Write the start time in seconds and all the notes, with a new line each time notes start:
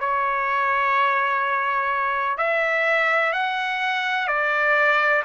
0.00 C#5
2.38 E5
3.32 F#5
4.27 D5